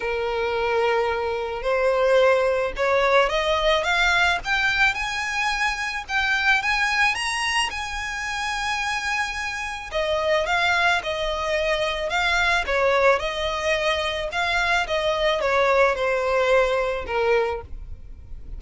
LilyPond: \new Staff \with { instrumentName = "violin" } { \time 4/4 \tempo 4 = 109 ais'2. c''4~ | c''4 cis''4 dis''4 f''4 | g''4 gis''2 g''4 | gis''4 ais''4 gis''2~ |
gis''2 dis''4 f''4 | dis''2 f''4 cis''4 | dis''2 f''4 dis''4 | cis''4 c''2 ais'4 | }